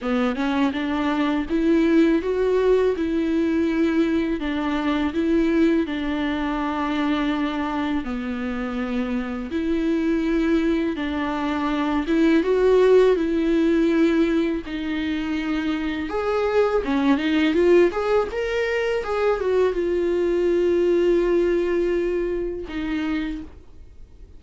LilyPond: \new Staff \with { instrumentName = "viola" } { \time 4/4 \tempo 4 = 82 b8 cis'8 d'4 e'4 fis'4 | e'2 d'4 e'4 | d'2. b4~ | b4 e'2 d'4~ |
d'8 e'8 fis'4 e'2 | dis'2 gis'4 cis'8 dis'8 | f'8 gis'8 ais'4 gis'8 fis'8 f'4~ | f'2. dis'4 | }